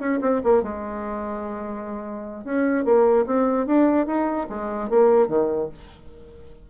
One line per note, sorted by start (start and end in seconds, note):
0.00 0.20 C#4
0.22 0.42 C4
0.44 0.63 A#3
0.63 2.45 G#3
2.45 2.85 C#4
2.85 3.26 A#3
3.27 3.67 C4
3.67 4.07 D4
4.07 4.47 D#4
4.50 4.90 G#3
4.90 5.28 A#3
5.28 5.69 D#3